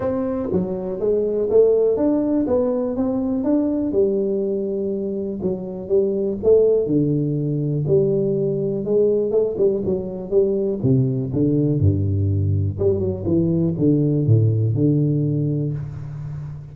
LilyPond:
\new Staff \with { instrumentName = "tuba" } { \time 4/4 \tempo 4 = 122 c'4 fis4 gis4 a4 | d'4 b4 c'4 d'4 | g2. fis4 | g4 a4 d2 |
g2 gis4 a8 g8 | fis4 g4 c4 d4 | g,2 g8 fis8 e4 | d4 a,4 d2 | }